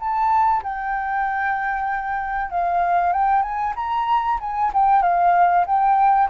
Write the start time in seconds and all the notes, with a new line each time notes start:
0.00 A5
0.63 G5
2.51 F5
3.13 G5
3.42 G#5
3.76 A#5
4.40 G#5
4.74 G5
5.03 F5
5.67 G5